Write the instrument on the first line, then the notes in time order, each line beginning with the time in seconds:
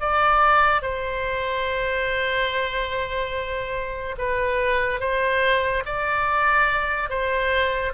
oboe
0.00 D5
0.83 C5
4.18 B4
5.00 C5
5.86 D5
7.10 C5